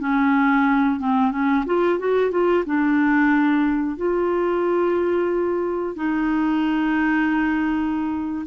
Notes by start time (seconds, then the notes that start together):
0.00 C#4
1.00 C4
1.32 C#4
1.66 F4
1.99 F#4
2.31 F4
2.66 D4
3.97 F4
5.96 D#4